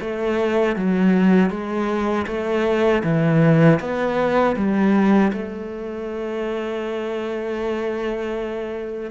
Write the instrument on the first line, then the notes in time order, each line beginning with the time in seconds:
cello
0.00 A3
0.76 F#3
1.49 G#3
2.26 A3
3.03 E3
3.79 B3
4.56 G3
5.32 A3